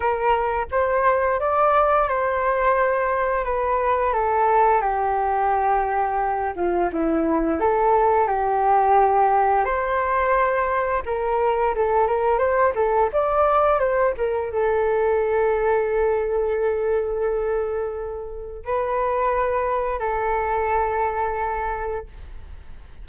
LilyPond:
\new Staff \with { instrumentName = "flute" } { \time 4/4 \tempo 4 = 87 ais'4 c''4 d''4 c''4~ | c''4 b'4 a'4 g'4~ | g'4. f'8 e'4 a'4 | g'2 c''2 |
ais'4 a'8 ais'8 c''8 a'8 d''4 | c''8 ais'8 a'2.~ | a'2. b'4~ | b'4 a'2. | }